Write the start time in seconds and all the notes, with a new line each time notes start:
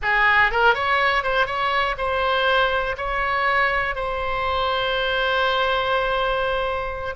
0.01 G#4
0.51 A#4
0.74 C#5
1.23 C5
1.46 C#5
1.97 C5
2.97 C#5
3.95 C5